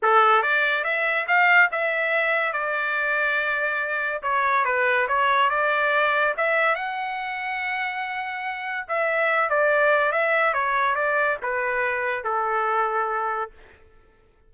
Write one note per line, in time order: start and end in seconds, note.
0.02 0.42 A4
0.42 0.84 D5
0.84 1.26 E5
1.27 1.69 F5
1.71 2.53 E5
2.53 4.22 D5
4.22 4.64 C#5
4.64 5.07 B4
5.07 5.49 C#5
5.49 6.34 D5
6.37 6.75 E5
6.75 8.86 F#5
8.88 9.49 E5
9.49 10.12 D5
10.12 10.53 E5
10.53 10.95 C#5
10.95 11.37 D5
11.42 12.24 B4
12.24 13.51 A4